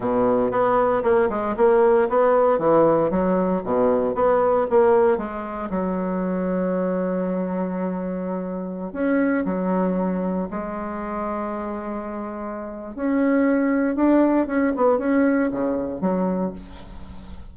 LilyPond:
\new Staff \with { instrumentName = "bassoon" } { \time 4/4 \tempo 4 = 116 b,4 b4 ais8 gis8 ais4 | b4 e4 fis4 b,4 | b4 ais4 gis4 fis4~ | fis1~ |
fis4~ fis16 cis'4 fis4.~ fis16~ | fis16 gis2.~ gis8.~ | gis4 cis'2 d'4 | cis'8 b8 cis'4 cis4 fis4 | }